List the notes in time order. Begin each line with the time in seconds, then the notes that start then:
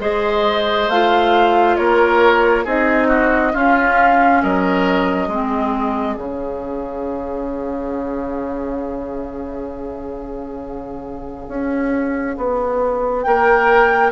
0.00 G#3 G#4 C5 D#5
0.89 A3 F4 F5
1.76 A#3 A#4 C#5
2.65 C4 D#4 G#4 D#5
3.08 F#4
3.54 C#4 F4 F5
4.43 F#3 A#4 D#5
5.29 G#3 C4 G#4
6.17 C#3 C#4 F5
11.49 C#4
12.38 B3
13.23 A#3 A#4 G5